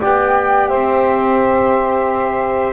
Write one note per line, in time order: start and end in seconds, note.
0.00 0.72 B3
0.00 2.73 G4
0.00 0.69 D5
0.00 0.69 G5
0.69 2.73 C4
0.69 2.73 C5
0.69 2.73 E5